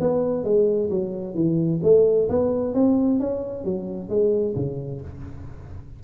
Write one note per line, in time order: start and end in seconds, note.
0.00 0.44 B3
0.44 0.90 G#3
0.90 1.35 F#3
1.35 1.80 E3
1.83 2.29 A3
2.29 2.74 B3
2.74 3.20 C4
3.20 3.65 C#4
3.65 4.09 F#3
4.09 4.55 G#3
4.56 5.01 C#3